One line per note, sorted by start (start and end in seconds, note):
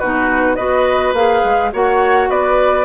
0.00 0.58 B2
0.00 0.57 D#4
0.00 0.57 F#4
0.00 0.56 B4
0.56 1.14 B3
0.56 1.15 F#4
0.56 1.71 B4
0.56 1.13 D#5
1.14 1.42 A#3
1.14 1.73 G#4
1.14 1.72 F5
1.45 1.73 G#3
1.73 2.30 A#3
1.73 2.85 F#4
1.73 2.29 C#5
1.73 2.31 F#5
2.29 2.85 B3
2.29 2.85 B4
2.29 2.85 D5